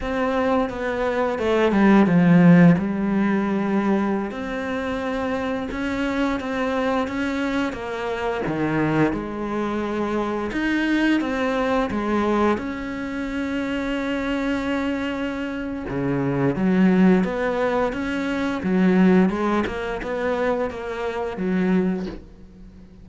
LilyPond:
\new Staff \with { instrumentName = "cello" } { \time 4/4 \tempo 4 = 87 c'4 b4 a8 g8 f4 | g2~ g16 c'4.~ c'16~ | c'16 cis'4 c'4 cis'4 ais8.~ | ais16 dis4 gis2 dis'8.~ |
dis'16 c'4 gis4 cis'4.~ cis'16~ | cis'2. cis4 | fis4 b4 cis'4 fis4 | gis8 ais8 b4 ais4 fis4 | }